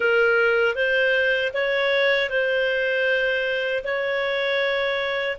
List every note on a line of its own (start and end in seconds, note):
0.00 0.75 A#4
0.75 1.52 C5
1.53 2.29 C#5
2.29 3.83 C5
3.84 5.37 C#5